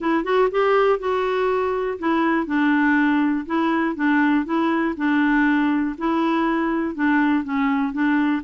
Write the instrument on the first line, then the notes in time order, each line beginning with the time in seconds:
clarinet
0.00 E4
0.23 F#4
0.51 G4
0.99 F#4
1.98 E4
2.46 D4
3.46 E4
3.95 D4
4.45 E4
4.97 D4
5.98 E4
6.94 D4
7.44 C#4
7.92 D4